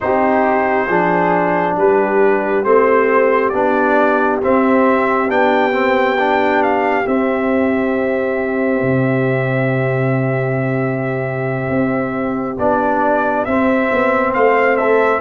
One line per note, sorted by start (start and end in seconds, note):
0.00 0.88 C4
0.00 0.89 D#4
0.00 0.87 G4
0.00 1.77 C5
0.87 1.76 F3
0.87 2.65 D4
0.87 1.76 G#4
1.76 2.64 G3
1.76 14.33 G4
1.76 2.64 B4
2.64 3.52 A3
2.64 3.53 C4
2.64 3.49 C5
3.49 4.41 B3
3.49 4.41 D4
3.49 4.37 D5
4.41 5.28 C4
4.41 5.29 C4
4.41 5.30 E5
5.28 7.06 B3
5.28 5.72 D4
5.28 6.62 G5
5.72 6.16 C4
6.19 7.05 D4
6.62 7.07 F5
7.05 12.56 C4
7.05 8.82 C4
7.05 12.58 E5
8.82 11.69 C3
11.69 12.57 C4
12.58 13.46 B3
12.58 13.47 D4
12.58 13.44 D5
13.44 13.90 C4
13.44 15.21 C4
13.44 14.33 E5
13.92 14.35 B3
14.33 15.21 A3
14.33 14.78 C5
14.33 14.76 F5
14.76 15.21 A4
14.76 15.20 E5